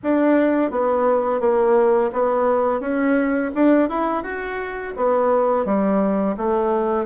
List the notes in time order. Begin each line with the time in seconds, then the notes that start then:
0.03 D4
0.71 B3
1.40 A#3
2.12 B3
2.80 C#4
3.54 D4
3.89 E4
4.23 F#4
4.96 B3
5.65 G3
6.37 A3